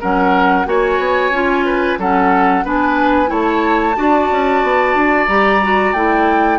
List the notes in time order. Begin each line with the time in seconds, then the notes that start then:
0.00 F#3 C#4 A#4 F#5
0.65 A#3 F#4 C#5 G#5
0.98 B3
1.30 C#4 F4
1.65 B4
1.98 F#3 C#4 A4 F#5
2.64 B3 D4 B4 G#5
3.26 A3 E4 C#5 A5
3.95 D4 F#4 D5
4.30 C#4
4.63 B3
4.94 D4
5.27 G3 G4 A#5
5.62 F#4
5.93 A3 E4 G5